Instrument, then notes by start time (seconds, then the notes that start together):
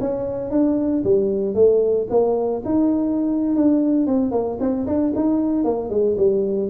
tuba
0.00 C#4
0.50 D4
1.04 G3
1.54 A3
2.09 A#3
2.65 D#4
3.56 D4
4.06 C4
4.31 A#3
4.60 C4
4.86 D4
5.15 D#4
5.64 A#3
5.90 G#3
6.17 G3